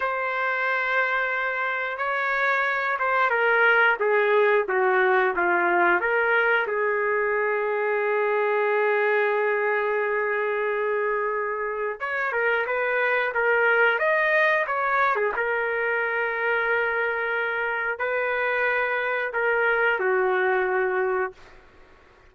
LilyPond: \new Staff \with { instrumentName = "trumpet" } { \time 4/4 \tempo 4 = 90 c''2. cis''4~ | cis''8 c''8 ais'4 gis'4 fis'4 | f'4 ais'4 gis'2~ | gis'1~ |
gis'2 cis''8 ais'8 b'4 | ais'4 dis''4 cis''8. gis'16 ais'4~ | ais'2. b'4~ | b'4 ais'4 fis'2 | }